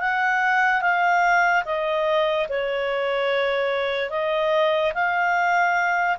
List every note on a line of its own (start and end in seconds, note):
0.00 0.81 F#5
0.81 1.64 F5
1.65 2.47 D#5
2.49 4.11 C#5
4.11 4.93 D#5
4.94 6.18 F5